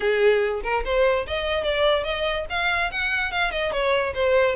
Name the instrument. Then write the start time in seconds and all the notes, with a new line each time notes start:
violin
0.00 G#4
0.63 A#4
0.84 C5
1.27 D#5
1.63 D5
2.04 D#5
2.49 F5
2.91 F#5
3.31 F5
3.51 D#5
3.72 C#5
4.14 C5